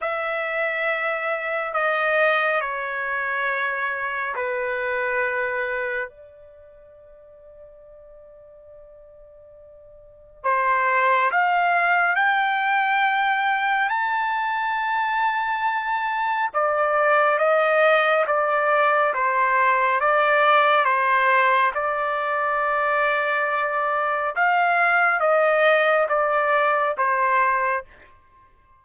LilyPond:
\new Staff \with { instrumentName = "trumpet" } { \time 4/4 \tempo 4 = 69 e''2 dis''4 cis''4~ | cis''4 b'2 d''4~ | d''1 | c''4 f''4 g''2 |
a''2. d''4 | dis''4 d''4 c''4 d''4 | c''4 d''2. | f''4 dis''4 d''4 c''4 | }